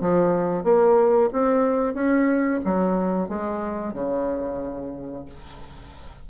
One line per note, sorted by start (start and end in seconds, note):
0.00 0.63 F3
0.63 1.29 A#3
1.32 1.94 C4
1.94 2.60 C#4
2.64 3.28 F#3
3.28 3.93 G#3
3.93 5.25 C#3